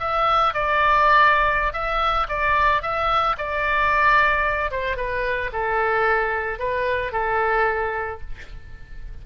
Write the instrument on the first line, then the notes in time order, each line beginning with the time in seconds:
oboe
0.00 E5
0.54 D5
1.73 E5
2.29 D5
2.83 E5
3.38 D5
4.71 C5
4.97 B4
5.53 A4
6.59 B4
7.13 A4